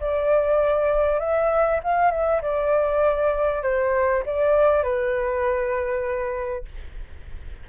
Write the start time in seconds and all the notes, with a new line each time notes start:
0.00 D5
1.19 E5
1.83 F5
2.11 E5
2.42 D5
3.63 C5
4.26 D5
4.83 B4